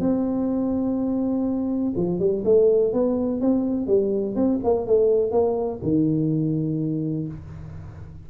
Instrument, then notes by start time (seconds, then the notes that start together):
tuba
0.00 C4
1.97 F3
2.20 G3
2.45 A3
2.94 B3
3.41 C4
3.87 G3
4.36 C4
4.64 A#3
4.87 A3
5.32 A#3
5.83 D#3